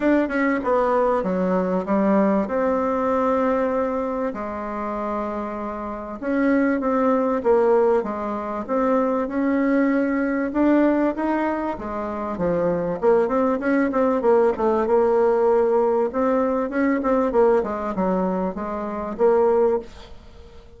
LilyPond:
\new Staff \with { instrumentName = "bassoon" } { \time 4/4 \tempo 4 = 97 d'8 cis'8 b4 fis4 g4 | c'2. gis4~ | gis2 cis'4 c'4 | ais4 gis4 c'4 cis'4~ |
cis'4 d'4 dis'4 gis4 | f4 ais8 c'8 cis'8 c'8 ais8 a8 | ais2 c'4 cis'8 c'8 | ais8 gis8 fis4 gis4 ais4 | }